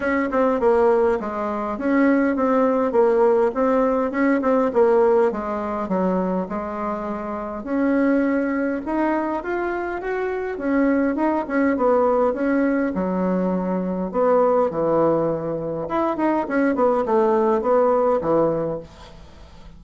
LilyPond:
\new Staff \with { instrumentName = "bassoon" } { \time 4/4 \tempo 4 = 102 cis'8 c'8 ais4 gis4 cis'4 | c'4 ais4 c'4 cis'8 c'8 | ais4 gis4 fis4 gis4~ | gis4 cis'2 dis'4 |
f'4 fis'4 cis'4 dis'8 cis'8 | b4 cis'4 fis2 | b4 e2 e'8 dis'8 | cis'8 b8 a4 b4 e4 | }